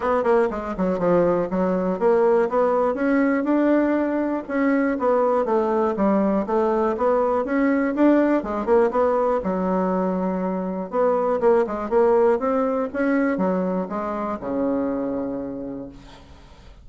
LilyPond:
\new Staff \with { instrumentName = "bassoon" } { \time 4/4 \tempo 4 = 121 b8 ais8 gis8 fis8 f4 fis4 | ais4 b4 cis'4 d'4~ | d'4 cis'4 b4 a4 | g4 a4 b4 cis'4 |
d'4 gis8 ais8 b4 fis4~ | fis2 b4 ais8 gis8 | ais4 c'4 cis'4 fis4 | gis4 cis2. | }